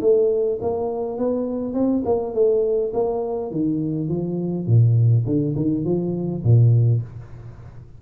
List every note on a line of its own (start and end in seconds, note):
0.00 0.58 A3
0.61 1.17 A#3
1.17 1.73 B3
1.73 2.02 C4
2.05 2.34 A#3
2.34 2.92 A3
2.93 3.51 A#3
3.51 4.08 D#3
4.08 4.66 F3
4.66 5.24 A#2
5.25 5.54 D3
5.56 5.84 D#3
5.84 6.42 F3
6.43 7.01 A#2